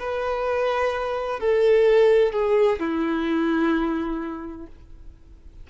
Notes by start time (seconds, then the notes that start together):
0.00 B4
1.40 A4
2.33 G#4
2.80 E4